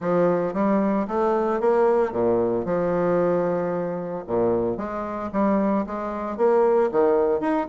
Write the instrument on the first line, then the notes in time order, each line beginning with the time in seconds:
bassoon
0.00 F3
0.53 G3
1.07 A3
1.60 A#3
2.12 A#2
2.65 F3
4.26 A#2
4.77 G#3
5.32 G3
5.86 G#3
6.37 A#3
6.91 D#3
7.40 D#4